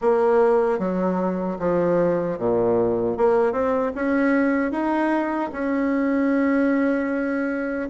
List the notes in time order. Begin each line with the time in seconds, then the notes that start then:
0.01 A#3
0.79 F#3
1.59 F3
2.38 A#2
3.17 A#3
3.52 C4
3.95 C#4
4.72 D#4
5.52 C#4